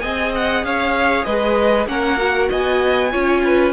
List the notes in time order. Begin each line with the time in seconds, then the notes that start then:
0.00 C4 G#4 D#5 G#5
0.35 F#5
0.64 C#4 C#5 F5
1.25 G#3 B4 D#5
1.86 A#3 C#4 A#4 F#5
2.17 F#4
2.49 B3 D#5 G#5
3.11 C#4 F4 C#5
3.44 B4